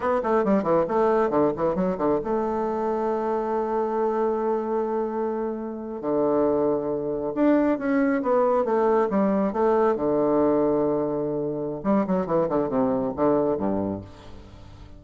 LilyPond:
\new Staff \with { instrumentName = "bassoon" } { \time 4/4 \tempo 4 = 137 b8 a8 g8 e8 a4 d8 e8 | fis8 d8 a2.~ | a1~ | a4.~ a16 d2~ d16~ |
d8. d'4 cis'4 b4 a16~ | a8. g4 a4 d4~ d16~ | d2. g8 fis8 | e8 d8 c4 d4 g,4 | }